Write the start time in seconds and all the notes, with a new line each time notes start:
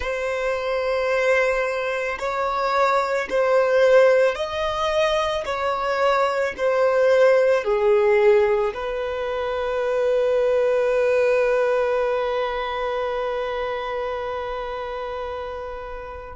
0.00 C5
2.18 C#5
3.29 C5
4.35 D#5
5.45 C#5
6.57 C5
7.64 G#4
8.74 B4